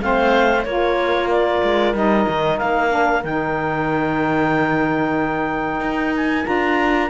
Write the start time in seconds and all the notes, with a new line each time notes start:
0.00 A3 C4 C5 F5
0.64 A#3 F4 A#4 C#5
1.31 D5
1.62 G#3
1.94 G3 D#4 D#5
2.29 D#3
2.58 A#3 F5
2.89 D4
3.24 D#3 D#4 G5
5.81 D#4
6.16 G#5
6.43 D4 F4 A#5